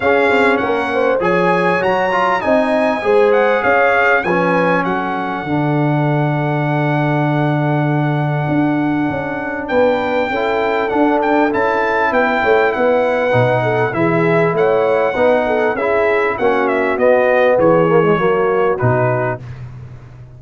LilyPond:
<<
  \new Staff \with { instrumentName = "trumpet" } { \time 4/4 \tempo 4 = 99 f''4 fis''4 gis''4 ais''4 | gis''4. fis''8 f''4 gis''4 | fis''1~ | fis''1 |
g''2 fis''8 g''8 a''4 | g''4 fis''2 e''4 | fis''2 e''4 fis''8 e''8 | dis''4 cis''2 b'4 | }
  \new Staff \with { instrumentName = "horn" } { \time 4/4 gis'4 ais'8 c''8 cis''2 | dis''4 c''4 cis''4 b'4 | a'1~ | a'1 |
b'4 a'2. | b'8 cis''8 b'4. a'8 gis'4 | cis''4 b'8 a'8 gis'4 fis'4~ | fis'4 gis'4 fis'2 | }
  \new Staff \with { instrumentName = "trombone" } { \time 4/4 cis'2 gis'4 fis'8 f'8 | dis'4 gis'2 cis'4~ | cis'4 d'2.~ | d'1~ |
d'4 e'4 d'4 e'4~ | e'2 dis'4 e'4~ | e'4 dis'4 e'4 cis'4 | b4. ais16 gis16 ais4 dis'4 | }
  \new Staff \with { instrumentName = "tuba" } { \time 4/4 cis'8 c'8 ais4 f4 fis4 | c'4 gis4 cis'4 f4 | fis4 d2.~ | d2 d'4 cis'4 |
b4 cis'4 d'4 cis'4 | b8 a8 b4 b,4 e4 | a4 b4 cis'4 ais4 | b4 e4 fis4 b,4 | }
>>